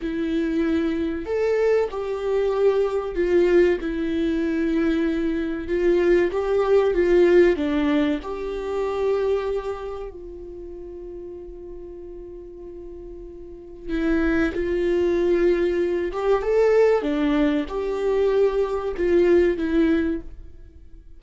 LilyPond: \new Staff \with { instrumentName = "viola" } { \time 4/4 \tempo 4 = 95 e'2 a'4 g'4~ | g'4 f'4 e'2~ | e'4 f'4 g'4 f'4 | d'4 g'2. |
f'1~ | f'2 e'4 f'4~ | f'4. g'8 a'4 d'4 | g'2 f'4 e'4 | }